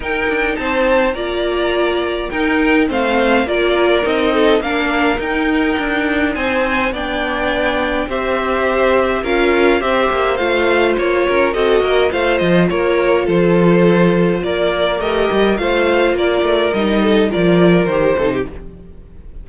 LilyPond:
<<
  \new Staff \with { instrumentName = "violin" } { \time 4/4 \tempo 4 = 104 g''4 a''4 ais''2 | g''4 f''4 d''4 dis''4 | f''4 g''2 gis''4 | g''2 e''2 |
f''4 e''4 f''4 cis''4 | dis''4 f''8 dis''8 cis''4 c''4~ | c''4 d''4 dis''4 f''4 | d''4 dis''4 d''4 c''4 | }
  \new Staff \with { instrumentName = "violin" } { \time 4/4 ais'4 c''4 d''2 | ais'4 c''4 ais'4. a'8 | ais'2. c''4 | d''2 c''2 |
ais'4 c''2~ c''8 ais'8 | a'8 ais'8 c''4 ais'4 a'4~ | a'4 ais'2 c''4 | ais'4. a'8 ais'4. a'16 g'16 | }
  \new Staff \with { instrumentName = "viola" } { \time 4/4 dis'2 f'2 | dis'4 c'4 f'4 dis'4 | d'4 dis'2. | d'2 g'2 |
f'4 g'4 f'2 | fis'4 f'2.~ | f'2 g'4 f'4~ | f'4 dis'4 f'4 g'8 dis'8 | }
  \new Staff \with { instrumentName = "cello" } { \time 4/4 dis'8 d'8 c'4 ais2 | dis'4 a4 ais4 c'4 | ais4 dis'4 d'4 c'4 | b2 c'2 |
cis'4 c'8 ais8 a4 ais8 cis'8 | c'8 ais8 a8 f8 ais4 f4~ | f4 ais4 a8 g8 a4 | ais8 a8 g4 f4 dis8 c8 | }
>>